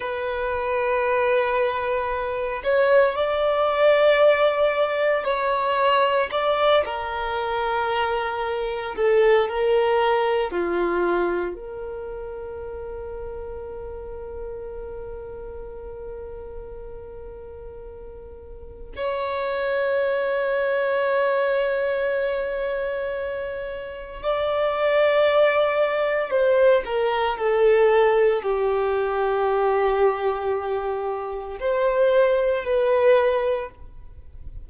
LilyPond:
\new Staff \with { instrumentName = "violin" } { \time 4/4 \tempo 4 = 57 b'2~ b'8 cis''8 d''4~ | d''4 cis''4 d''8 ais'4.~ | ais'8 a'8 ais'4 f'4 ais'4~ | ais'1~ |
ais'2 cis''2~ | cis''2. d''4~ | d''4 c''8 ais'8 a'4 g'4~ | g'2 c''4 b'4 | }